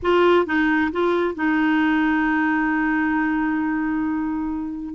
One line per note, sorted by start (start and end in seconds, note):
0.02 0.46 F4
0.46 0.91 D#4
0.91 1.35 F4
1.35 4.95 D#4